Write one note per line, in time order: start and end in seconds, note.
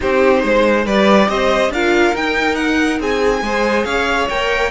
0.00 0.43 C4
0.00 0.85 D#4
0.00 0.42 G4
0.00 0.86 C5
0.42 0.85 G#3
0.42 0.85 C5
0.85 1.28 G3
0.85 1.73 G4
0.85 1.27 B4
0.85 1.28 D5
1.28 1.69 C4
1.28 1.72 C5
1.28 1.71 D#5
1.69 2.12 D4
1.69 2.14 F4
1.69 3.00 A#4
1.69 2.16 F5
2.14 3.00 D#4
2.14 3.43 D#4
2.14 2.55 G5
2.55 2.98 F#5
3.00 3.41 C4
3.00 3.43 G#4
3.00 3.84 G#5
3.41 3.84 G#3
3.41 4.29 G#4
3.41 3.86 C5
3.84 4.28 C#4
3.84 4.70 C#5
3.84 4.27 F5
4.29 4.70 A#3
4.29 4.70 A#4
4.29 4.70 G5